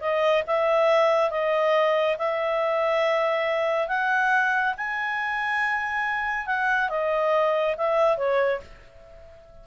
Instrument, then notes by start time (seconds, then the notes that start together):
clarinet
0.00 D#5
0.46 E5
1.30 D#5
2.17 E5
3.88 F#5
4.77 G#5
6.46 F#5
6.89 D#5
7.77 E5
8.17 C#5